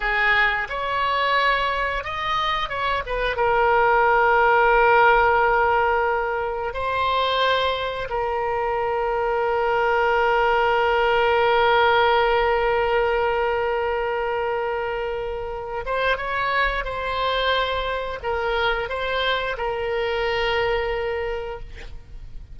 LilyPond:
\new Staff \with { instrumentName = "oboe" } { \time 4/4 \tempo 4 = 89 gis'4 cis''2 dis''4 | cis''8 b'8 ais'2.~ | ais'2 c''2 | ais'1~ |
ais'1~ | ais'2.~ ais'8 c''8 | cis''4 c''2 ais'4 | c''4 ais'2. | }